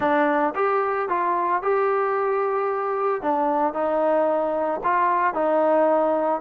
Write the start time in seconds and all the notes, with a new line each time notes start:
0.00 D4
0.55 G4
1.08 F4
1.62 G4
3.21 D4
3.73 D#4
4.83 F4
5.34 D#4